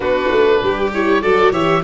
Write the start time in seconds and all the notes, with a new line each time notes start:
0.00 B3 D4 F#4 B4
0.31 A3
0.62 G3 G4
0.93 E4 C#5
1.21 F#3 F#4 A4 D5
1.51 E3 G4 C#5 E5